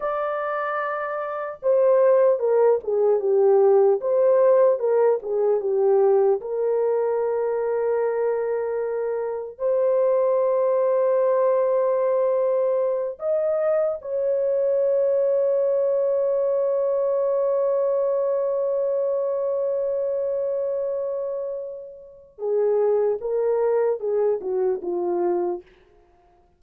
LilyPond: \new Staff \with { instrumentName = "horn" } { \time 4/4 \tempo 4 = 75 d''2 c''4 ais'8 gis'8 | g'4 c''4 ais'8 gis'8 g'4 | ais'1 | c''1~ |
c''8 dis''4 cis''2~ cis''8~ | cis''1~ | cis''1 | gis'4 ais'4 gis'8 fis'8 f'4 | }